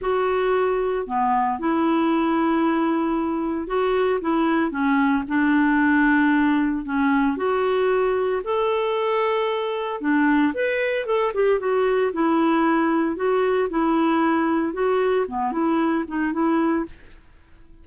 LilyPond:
\new Staff \with { instrumentName = "clarinet" } { \time 4/4 \tempo 4 = 114 fis'2 b4 e'4~ | e'2. fis'4 | e'4 cis'4 d'2~ | d'4 cis'4 fis'2 |
a'2. d'4 | b'4 a'8 g'8 fis'4 e'4~ | e'4 fis'4 e'2 | fis'4 b8 e'4 dis'8 e'4 | }